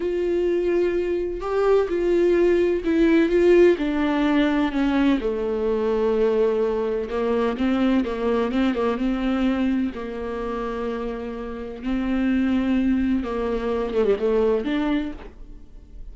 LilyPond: \new Staff \with { instrumentName = "viola" } { \time 4/4 \tempo 4 = 127 f'2. g'4 | f'2 e'4 f'4 | d'2 cis'4 a4~ | a2. ais4 |
c'4 ais4 c'8 ais8 c'4~ | c'4 ais2.~ | ais4 c'2. | ais4. a16 g16 a4 d'4 | }